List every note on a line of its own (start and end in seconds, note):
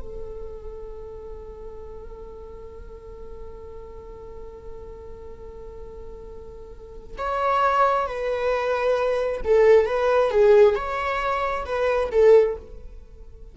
0.00 7.16 A4
7.18 8.06 C#5
8.06 9.41 B4
9.44 9.85 A4
9.85 10.30 B4
10.30 10.75 G#4
10.75 11.64 C#5
11.65 12.09 B4
12.11 12.56 A4